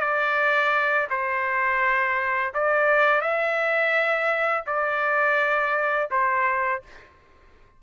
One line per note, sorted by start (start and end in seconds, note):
0.00 1.07 D5
1.10 2.53 C5
2.54 3.21 D5
3.21 4.64 E5
4.66 6.09 D5
6.11 6.82 C5